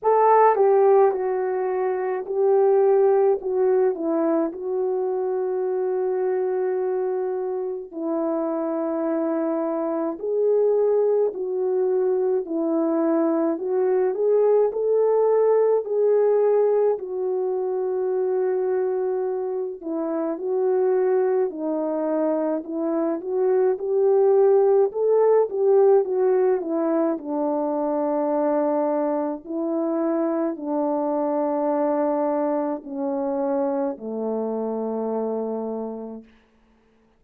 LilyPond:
\new Staff \with { instrumentName = "horn" } { \time 4/4 \tempo 4 = 53 a'8 g'8 fis'4 g'4 fis'8 e'8 | fis'2. e'4~ | e'4 gis'4 fis'4 e'4 | fis'8 gis'8 a'4 gis'4 fis'4~ |
fis'4. e'8 fis'4 dis'4 | e'8 fis'8 g'4 a'8 g'8 fis'8 e'8 | d'2 e'4 d'4~ | d'4 cis'4 a2 | }